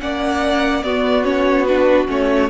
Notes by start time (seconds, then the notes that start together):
0.00 A#3 C#4 D5 F#5
0.82 B3 F#4 D5
1.24 C#4 C#5
1.65 D4 B4
2.07 A3 C#4 C#5